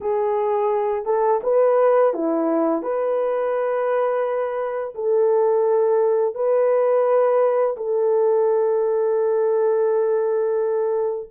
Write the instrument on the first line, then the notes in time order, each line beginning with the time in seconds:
horn
0.00 G#4
1.05 A4
1.43 B4
2.13 E4
2.82 B4
4.94 A4
6.35 B4
7.76 A4